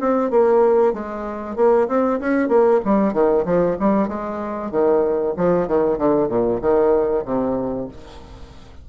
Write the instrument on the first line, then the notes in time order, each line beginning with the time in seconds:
bassoon
0.00 C4
0.30 A#3
0.93 G#3
1.56 A#3
1.88 C4
2.20 C#4
2.48 A#3
2.84 G3
3.13 D#3
3.45 F3
3.79 G3
4.08 G#3
4.71 D#3
5.37 F3
5.67 D#3
5.98 D3
6.28 A#2
6.61 D#3
7.25 C3